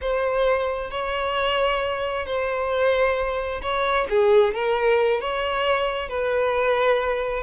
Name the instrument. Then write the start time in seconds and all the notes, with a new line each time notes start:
violin
0.01 C5
0.90 C#5
2.26 C5
3.62 C#5
4.09 G#4
4.54 A#4
5.21 C#5
6.08 B4